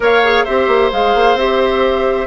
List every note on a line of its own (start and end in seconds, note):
0.00 0.45 A#3
0.00 0.23 A#4
0.00 0.44 C#5
0.00 0.44 F5
0.23 0.46 G#4
0.44 0.67 C4
0.44 0.92 G4
0.44 2.27 C5
0.44 0.90 E5
0.67 0.90 A#3
0.92 1.15 G#3
0.92 1.38 G#4
0.92 1.37 F5
1.15 1.34 A#3
1.34 2.26 C4
1.34 2.27 G4
1.34 2.27 E5